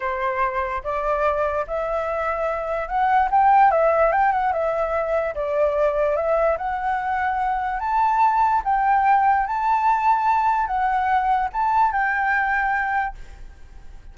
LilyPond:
\new Staff \with { instrumentName = "flute" } { \time 4/4 \tempo 4 = 146 c''2 d''2 | e''2. fis''4 | g''4 e''4 g''8 fis''8 e''4~ | e''4 d''2 e''4 |
fis''2. a''4~ | a''4 g''2 a''4~ | a''2 fis''2 | a''4 g''2. | }